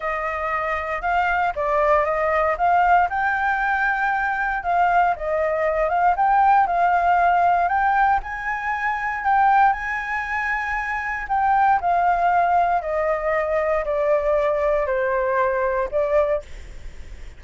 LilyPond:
\new Staff \with { instrumentName = "flute" } { \time 4/4 \tempo 4 = 117 dis''2 f''4 d''4 | dis''4 f''4 g''2~ | g''4 f''4 dis''4. f''8 | g''4 f''2 g''4 |
gis''2 g''4 gis''4~ | gis''2 g''4 f''4~ | f''4 dis''2 d''4~ | d''4 c''2 d''4 | }